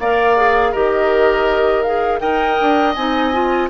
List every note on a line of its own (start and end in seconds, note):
0.00 0.74 A#3
0.00 0.37 A#4
0.00 0.72 D5
0.00 0.74 F5
0.37 0.74 G#4
0.72 2.22 D#3
0.72 1.86 G4
0.72 2.20 A#4
0.72 1.83 D#5
1.83 2.20 G#4
1.83 2.20 F5
2.20 2.59 D#4
2.20 2.94 A#4
2.20 3.70 D#5
2.20 2.94 G5
2.61 2.97 D4
2.95 3.71 C4
2.95 3.33 D#4
2.95 3.69 G#5
3.33 3.70 F4